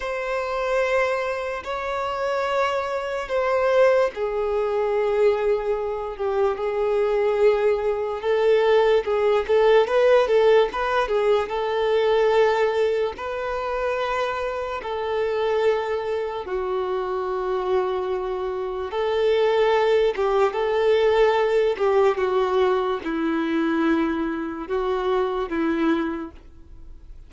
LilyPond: \new Staff \with { instrumentName = "violin" } { \time 4/4 \tempo 4 = 73 c''2 cis''2 | c''4 gis'2~ gis'8 g'8 | gis'2 a'4 gis'8 a'8 | b'8 a'8 b'8 gis'8 a'2 |
b'2 a'2 | fis'2. a'4~ | a'8 g'8 a'4. g'8 fis'4 | e'2 fis'4 e'4 | }